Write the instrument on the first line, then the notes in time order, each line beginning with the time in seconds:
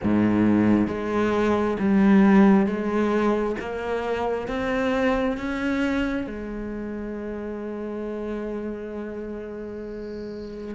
cello
0.03 G#2
0.87 G#3
1.79 G3
2.66 G#3
3.59 A#3
4.47 C4
5.37 C#4
6.26 G#3